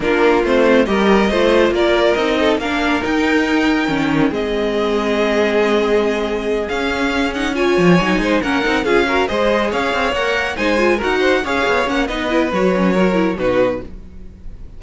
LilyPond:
<<
  \new Staff \with { instrumentName = "violin" } { \time 4/4 \tempo 4 = 139 ais'4 c''4 dis''2 | d''4 dis''4 f''4 g''4~ | g''2 dis''2~ | dis''2.~ dis''8 f''8~ |
f''4 fis''8 gis''2 fis''8~ | fis''8 f''4 dis''4 f''4 fis''8~ | fis''8 gis''4 fis''4 f''4 fis''8 | dis''4 cis''2 b'4 | }
  \new Staff \with { instrumentName = "violin" } { \time 4/4 f'2 ais'4 c''4 | ais'4. a'8 ais'2~ | ais'2 gis'2~ | gis'1~ |
gis'4. cis''4. c''8 ais'8~ | ais'8 gis'8 ais'8 c''4 cis''4.~ | cis''8 c''4 ais'8 c''8 cis''4. | b'2 ais'4 fis'4 | }
  \new Staff \with { instrumentName = "viola" } { \time 4/4 d'4 c'4 g'4 f'4~ | f'4 dis'4 d'4 dis'4~ | dis'4 cis'4 c'2~ | c'2.~ c'8 cis'8~ |
cis'4 dis'8 f'4 dis'4 cis'8 | dis'8 f'8 fis'8 gis'2 ais'8~ | ais'8 dis'8 f'8 fis'4 gis'4 cis'8 | dis'8 e'8 fis'8 cis'8 fis'8 e'8 dis'4 | }
  \new Staff \with { instrumentName = "cello" } { \time 4/4 ais4 a4 g4 a4 | ais4 c'4 ais4 dis'4~ | dis'4 dis4 gis2~ | gis2.~ gis8 cis'8~ |
cis'2 f8 fis8 gis8 ais8 | c'8 cis'4 gis4 cis'8 c'8 ais8~ | ais8 gis4 dis'4 cis'8 b8 ais8 | b4 fis2 b,4 | }
>>